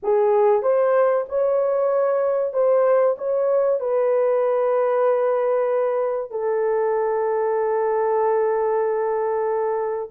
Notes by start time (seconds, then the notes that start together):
0.02 G#4
0.62 C5
1.28 C#5
2.53 C5
3.18 C#5
3.80 B4
6.30 A4